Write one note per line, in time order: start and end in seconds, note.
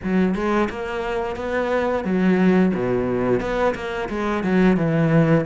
0.03 0.34 F#3
0.34 0.68 G#3
0.69 1.36 A#3
1.36 2.04 B3
2.04 2.72 F#3
2.74 3.40 B2
3.40 3.74 B3
3.74 4.08 A#3
4.09 4.43 G#3
4.43 4.76 F#3
4.76 5.45 E3